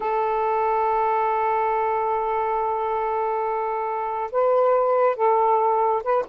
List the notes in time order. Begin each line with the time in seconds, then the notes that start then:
0.00 A4
4.31 B4
5.16 A4
6.03 B4